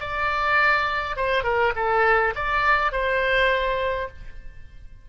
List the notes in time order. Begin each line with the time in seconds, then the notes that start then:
0.00 D5
1.17 C5
1.44 A#4
1.76 A4
2.35 D5
2.92 C5